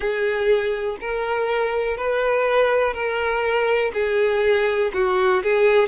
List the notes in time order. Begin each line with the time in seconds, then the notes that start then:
0.00 G#4
1.00 A#4
1.97 B4
2.93 A#4
3.93 G#4
4.93 F#4
5.43 G#4